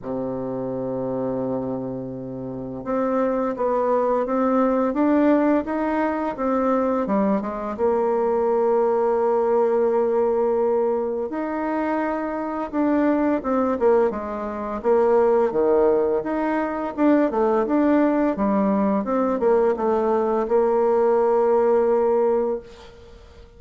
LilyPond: \new Staff \with { instrumentName = "bassoon" } { \time 4/4 \tempo 4 = 85 c1 | c'4 b4 c'4 d'4 | dis'4 c'4 g8 gis8 ais4~ | ais1 |
dis'2 d'4 c'8 ais8 | gis4 ais4 dis4 dis'4 | d'8 a8 d'4 g4 c'8 ais8 | a4 ais2. | }